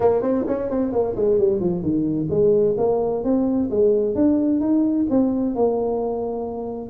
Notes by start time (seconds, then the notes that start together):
0.00 A#3
0.22 C4
0.47 C#4
0.69 C4
0.92 A#3
1.16 G#3
1.38 G3
1.59 F3
1.82 D#3
2.30 G#3
2.77 A#3
3.23 C4
3.70 G#3
4.15 D4
4.60 D#4
5.10 C4
5.55 A#3